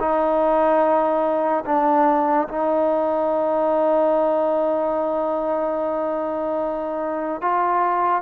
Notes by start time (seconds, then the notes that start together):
0.00 D#4
1.66 D4
2.48 D#4
7.41 F4